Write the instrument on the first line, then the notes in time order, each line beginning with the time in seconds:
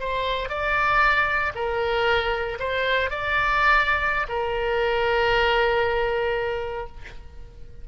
oboe
0.00 C5
0.49 D5
1.55 A#4
2.60 C5
3.11 D5
4.29 A#4